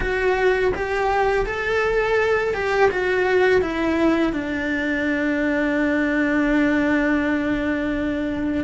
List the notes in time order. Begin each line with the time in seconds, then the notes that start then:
0.00 F#4
0.74 G4
1.46 A4
2.53 G4
2.90 F#4
3.61 E4
4.32 D4